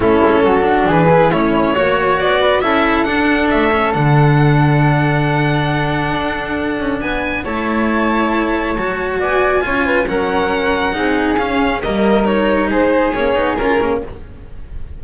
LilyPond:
<<
  \new Staff \with { instrumentName = "violin" } { \time 4/4 \tempo 4 = 137 a'2 b'4 cis''4~ | cis''4 d''4 e''4 fis''4 | e''4 fis''2.~ | fis''1 |
gis''4 a''2.~ | a''4 gis''2 fis''4~ | fis''2 f''4 dis''4 | cis''4 c''4 cis''4 ais'4 | }
  \new Staff \with { instrumentName = "flute" } { \time 4/4 e'4 fis'4 gis'4 e'4 | cis''4. b'8 a'2~ | a'1~ | a'1 |
b'4 cis''2.~ | cis''4 d''4 cis''8 b'8 ais'4~ | ais'4 gis'2 ais'4~ | ais'4 gis'2. | }
  \new Staff \with { instrumentName = "cello" } { \time 4/4 cis'4. d'4 e'8 cis'4 | fis'2 e'4 d'4~ | d'8 cis'8 d'2.~ | d'1~ |
d'4 e'2. | fis'2 f'4 cis'4~ | cis'4 dis'4 cis'4 ais4 | dis'2 cis'8 dis'8 f'8 cis'8 | }
  \new Staff \with { instrumentName = "double bass" } { \time 4/4 a8 gis8 fis4 e4 a4 | ais4 b4 cis'4 d'4 | a4 d2.~ | d2 d'4. cis'8 |
b4 a2. | fis4 b4 cis'4 fis4~ | fis4 c'4 cis'4 g4~ | g4 gis4 ais8 b8 cis'8 ais8 | }
>>